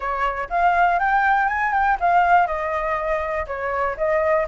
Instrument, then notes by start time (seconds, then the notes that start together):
flute
0.00 C#5
0.49 F5
0.99 G5
1.48 G#5
1.72 G5
2.00 F5
2.46 D#5
3.46 C#5
3.97 D#5